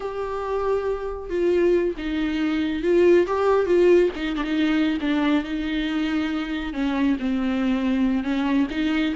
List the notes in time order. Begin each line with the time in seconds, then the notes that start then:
0.00 G4
1.29 F4
1.97 D#4
2.82 F4
3.26 G4
3.66 F4
4.15 D#4
4.36 D4
4.43 D#4
5.00 D4
5.43 D#4
6.73 C#4
7.19 C4
8.23 C#4
8.70 D#4